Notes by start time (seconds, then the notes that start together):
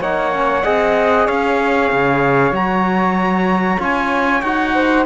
0.00 A#3 D#4 C#5 F#5
0.33 C#4
0.63 C4 G#4 D#5
1.26 C#4 C#5 F5
1.92 C#3
2.51 F#3 F#4 A#5
3.78 C#4 F4 G#5
4.42 D#4 F#4 F#5
4.74 C5